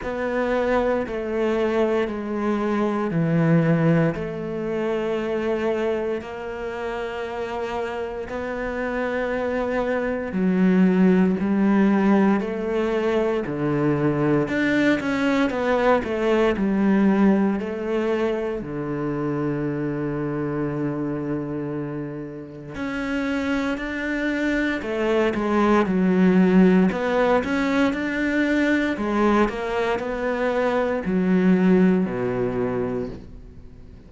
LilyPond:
\new Staff \with { instrumentName = "cello" } { \time 4/4 \tempo 4 = 58 b4 a4 gis4 e4 | a2 ais2 | b2 fis4 g4 | a4 d4 d'8 cis'8 b8 a8 |
g4 a4 d2~ | d2 cis'4 d'4 | a8 gis8 fis4 b8 cis'8 d'4 | gis8 ais8 b4 fis4 b,4 | }